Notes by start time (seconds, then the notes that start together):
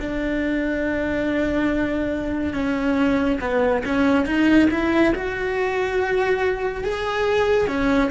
0.00 D4
2.54 C#4
3.41 B3
3.85 C#4
4.26 D#4
4.71 E4
5.15 F#4
6.85 G#4
7.68 C#4